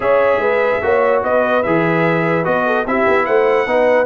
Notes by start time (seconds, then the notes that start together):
0.00 C#4 G#4 C#5 E5
0.37 G#3 B4
0.82 A#3 F#4 C#5
1.23 B3 B4 D#5
1.63 E3 G#4 E5
2.43 B3 F#4 D#5
2.66 A4
2.85 C4 E4 G4 E5
3.07 B3
3.25 A3 C5 F#5
3.66 B3 D#4 B4